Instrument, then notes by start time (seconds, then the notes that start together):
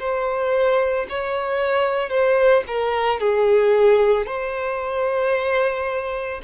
violin
0.00 C5
1.10 C#5
2.10 C5
2.68 A#4
3.20 G#4
4.27 C5